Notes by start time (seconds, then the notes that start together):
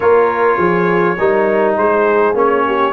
0.00 A#3 F4 A#4 C#5
0.57 F3 G#4
1.18 G3 D#4 A#4
1.77 G#3 G#4 C5
2.34 A#3 C#4 C#5
2.66 G4